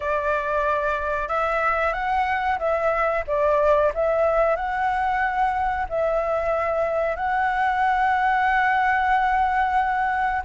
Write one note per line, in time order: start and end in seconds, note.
0.00 1.28 D5
1.28 1.93 E5
1.93 2.58 F#5
2.58 3.23 E5
3.27 3.92 D5
3.94 4.56 E5
4.56 5.86 F#5
5.89 7.16 E5
7.16 10.42 F#5